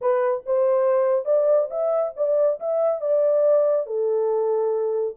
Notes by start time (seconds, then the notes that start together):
0.01 B4
0.46 C5
1.25 D5
1.70 E5
2.16 D5
2.59 E5
3.00 D5
3.86 A4